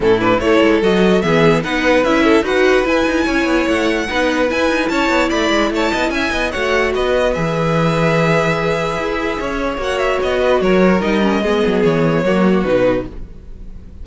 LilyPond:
<<
  \new Staff \with { instrumentName = "violin" } { \time 4/4 \tempo 4 = 147 a'8 b'8 cis''4 dis''4 e''4 | fis''4 e''4 fis''4 gis''4~ | gis''4 fis''2 gis''4 | a''4 b''4 a''4 gis''4 |
fis''4 dis''4 e''2~ | e''1 | fis''8 e''8 dis''4 cis''4 dis''4~ | dis''4 cis''2 b'4 | }
  \new Staff \with { instrumentName = "violin" } { \time 4/4 e'4 a'2 gis'4 | b'4. a'8 b'2 | cis''2 b'2 | cis''4 d''4 cis''8 dis''8 e''8 dis''8 |
cis''4 b'2.~ | b'2. cis''4~ | cis''4. b'8 ais'2 | gis'2 fis'2 | }
  \new Staff \with { instrumentName = "viola" } { \time 4/4 cis'8 d'8 e'4 fis'4 b4 | dis'4 e'4 fis'4 e'4~ | e'2 dis'4 e'4~ | e'1 |
fis'2 gis'2~ | gis'1 | fis'2. dis'8 cis'8 | b2 ais4 dis'4 | }
  \new Staff \with { instrumentName = "cello" } { \time 4/4 a,4 a8 gis8 fis4 e4 | b4 cis'4 dis'4 e'8 dis'8 | cis'8 b8 a4 b4 e'8 dis'8 | cis'8 b8 a8 gis8 a8 b8 cis'8 b8 |
a4 b4 e2~ | e2 e'4 cis'4 | ais4 b4 fis4 g4 | gis8 fis8 e4 fis4 b,4 | }
>>